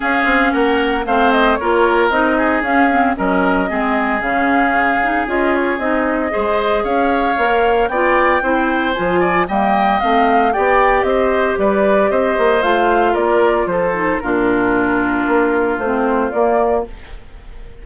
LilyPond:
<<
  \new Staff \with { instrumentName = "flute" } { \time 4/4 \tempo 4 = 114 f''4 fis''4 f''8 dis''8 cis''4 | dis''4 f''4 dis''2 | f''2 dis''8 cis''8 dis''4~ | dis''4 f''2 g''4~ |
g''4 gis''4 g''4 f''4 | g''4 dis''4 d''4 dis''4 | f''4 d''4 c''4 ais'4~ | ais'2 c''4 d''4 | }
  \new Staff \with { instrumentName = "oboe" } { \time 4/4 gis'4 ais'4 c''4 ais'4~ | ais'8 gis'4. ais'4 gis'4~ | gis'1 | c''4 cis''2 d''4 |
c''4. d''8 dis''2 | d''4 c''4 b'4 c''4~ | c''4 ais'4 a'4 f'4~ | f'1 | }
  \new Staff \with { instrumentName = "clarinet" } { \time 4/4 cis'2 c'4 f'4 | dis'4 cis'8 c'8 cis'4 c'4 | cis'4. dis'8 f'4 dis'4 | gis'2 ais'4 f'4 |
e'4 f'4 ais4 c'4 | g'1 | f'2~ f'8 dis'8 d'4~ | d'2 c'4 ais4 | }
  \new Staff \with { instrumentName = "bassoon" } { \time 4/4 cis'8 c'8 ais4 a4 ais4 | c'4 cis'4 fis4 gis4 | cis2 cis'4 c'4 | gis4 cis'4 ais4 b4 |
c'4 f4 g4 a4 | b4 c'4 g4 c'8 ais8 | a4 ais4 f4 ais,4~ | ais,4 ais4 a4 ais4 | }
>>